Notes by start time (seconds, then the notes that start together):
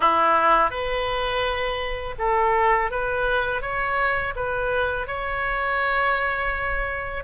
0.00 E4
0.70 B4
2.18 A4
2.90 B4
3.61 C#5
4.35 B4
5.07 C#5